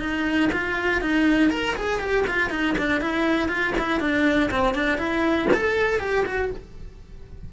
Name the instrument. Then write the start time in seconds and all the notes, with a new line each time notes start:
cello
0.00 D#4
0.53 F4
1.02 D#4
1.51 A#4
1.76 G#4
2.00 G4
2.28 F4
2.51 D#4
2.79 D4
3.01 E4
3.49 F4
3.79 E4
4.01 D4
4.51 C4
4.75 D4
4.98 E4
5.54 A4
6.00 G4
6.26 F#4